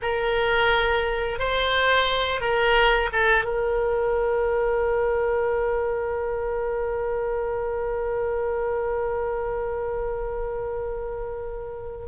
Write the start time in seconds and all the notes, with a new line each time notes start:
0.02 A#4
1.39 C5
2.40 A#4
3.12 A4
3.44 A#4